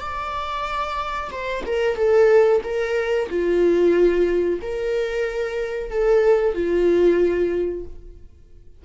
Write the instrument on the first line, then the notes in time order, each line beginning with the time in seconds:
viola
0.00 D5
1.31 C5
1.66 A#4
1.96 A4
2.64 A#4
3.29 F4
4.62 A#4
5.91 A4
6.54 F4